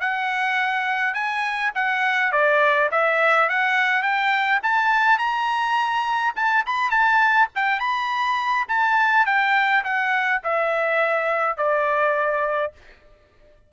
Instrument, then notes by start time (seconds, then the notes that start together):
trumpet
0.00 F#5
1.14 G#5
1.74 F#5
2.32 D5
2.91 E5
3.49 F#5
4.02 G5
4.63 A5
5.18 A#5
6.35 A5
6.66 B5
6.90 A5
7.55 G5
7.79 B5
8.68 A5
9.26 G5
9.84 F#5
10.43 E5
11.57 D5